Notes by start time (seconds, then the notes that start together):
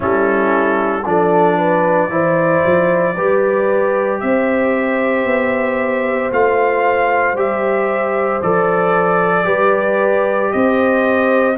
0.00 G3 C#4 E4 A4
1.05 F3 D4 A4 D5
1.57 B4
2.08 E3 E4 C5
2.65 F3
3.15 G3 G4 B4
4.20 C4 C5 E5
5.25 B3
6.31 A3 F4 F5
7.33 G3 G4 E5
8.41 F3 A4 D5
9.44 G3 G4 B4
10.52 C4 C5 D#5